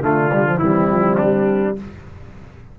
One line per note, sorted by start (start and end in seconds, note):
0.00 0.58 D3
0.00 0.30 A3
0.00 0.61 D4
0.00 0.58 F4
0.32 0.46 G3
0.46 0.60 F3
0.58 0.87 E3
0.58 1.77 G3
0.58 1.76 C4
0.58 1.16 E4
0.91 1.20 F3
1.17 1.79 G3
1.17 1.75 D4